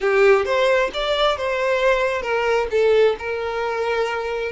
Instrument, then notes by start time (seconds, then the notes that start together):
violin
0.00 G4
0.45 C5
0.93 D5
1.37 C5
2.22 A#4
2.70 A4
3.18 A#4